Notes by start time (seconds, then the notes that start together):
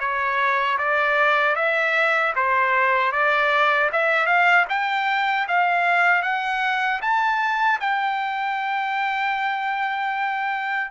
0.00 C#5
0.79 D5
1.56 E5
2.36 C5
3.12 D5
3.93 E5
4.27 F5
4.70 G5
5.48 F5
6.23 F#5
7.02 A5
7.81 G5